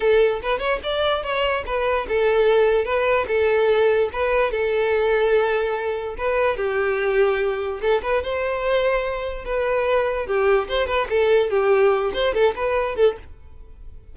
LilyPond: \new Staff \with { instrumentName = "violin" } { \time 4/4 \tempo 4 = 146 a'4 b'8 cis''8 d''4 cis''4 | b'4 a'2 b'4 | a'2 b'4 a'4~ | a'2. b'4 |
g'2. a'8 b'8 | c''2. b'4~ | b'4 g'4 c''8 b'8 a'4 | g'4. c''8 a'8 b'4 a'8 | }